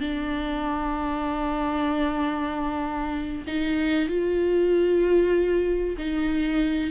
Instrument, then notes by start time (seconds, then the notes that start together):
viola
0.00 D4
3.47 D#4
4.08 F4
5.97 D#4